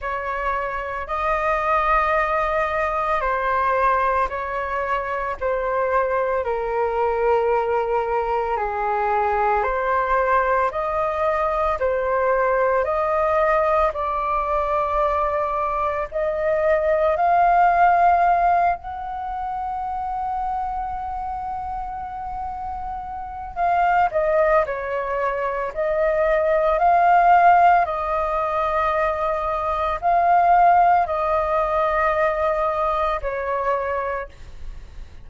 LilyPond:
\new Staff \with { instrumentName = "flute" } { \time 4/4 \tempo 4 = 56 cis''4 dis''2 c''4 | cis''4 c''4 ais'2 | gis'4 c''4 dis''4 c''4 | dis''4 d''2 dis''4 |
f''4. fis''2~ fis''8~ | fis''2 f''8 dis''8 cis''4 | dis''4 f''4 dis''2 | f''4 dis''2 cis''4 | }